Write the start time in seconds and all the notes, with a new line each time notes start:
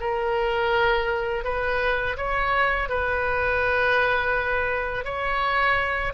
0.00 A#4
1.44 B4
2.17 C#5
2.89 B4
5.04 C#5